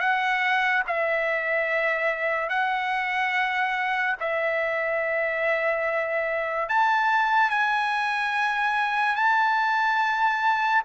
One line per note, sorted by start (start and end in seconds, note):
0.00 0.83 F#5
0.87 2.50 E5
2.50 4.16 F#5
4.20 6.69 E5
6.69 7.51 A5
7.51 9.16 G#5
9.16 10.83 A5